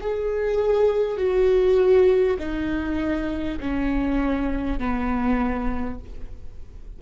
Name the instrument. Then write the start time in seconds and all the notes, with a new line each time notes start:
viola
0.00 G#4
1.17 F#4
2.38 D#4
3.59 C#4
4.78 B3